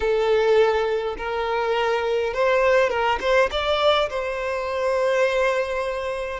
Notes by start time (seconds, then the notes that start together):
0.00 A4
1.17 A#4
2.33 C5
2.89 A#4
3.20 C5
3.51 D5
4.09 C5